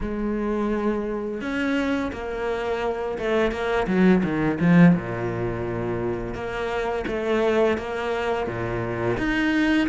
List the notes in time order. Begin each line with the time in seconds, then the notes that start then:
0.01 G#3
1.41 C#4
2.12 A#3
3.18 A3
3.51 A#3
3.87 F#3
4.23 D#3
4.59 F3
4.95 A#2
6.34 A#3
7.07 A3
7.77 A#3
8.46 A#2
9.17 D#4